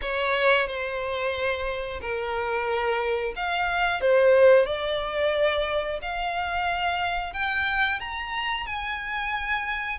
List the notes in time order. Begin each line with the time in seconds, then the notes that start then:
0.01 C#5
0.67 C5
2.01 A#4
3.36 F5
4.00 C5
4.66 D5
6.02 F5
7.33 G5
8.00 A#5
8.66 G#5